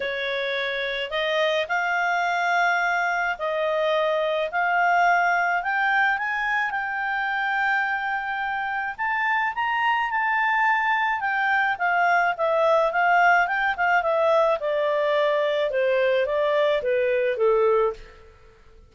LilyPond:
\new Staff \with { instrumentName = "clarinet" } { \time 4/4 \tempo 4 = 107 cis''2 dis''4 f''4~ | f''2 dis''2 | f''2 g''4 gis''4 | g''1 |
a''4 ais''4 a''2 | g''4 f''4 e''4 f''4 | g''8 f''8 e''4 d''2 | c''4 d''4 b'4 a'4 | }